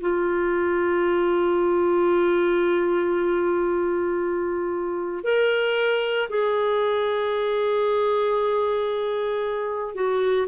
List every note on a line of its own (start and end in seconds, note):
0.00 5.23 F4
5.23 6.28 A#4
6.29 9.94 G#4
9.94 10.47 F#4